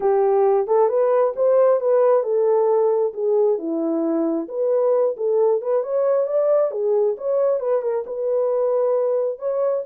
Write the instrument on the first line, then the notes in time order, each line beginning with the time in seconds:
horn
0.00 G4
0.67 A4
0.88 B4
1.36 C5
1.80 B4
2.23 A4
3.13 G#4
3.58 E4
4.48 B4
5.16 A4
5.61 B4
5.83 C#5
6.26 D5
6.71 G#4
7.17 C#5
7.59 B4
7.82 A#4
8.06 B4
9.38 C#5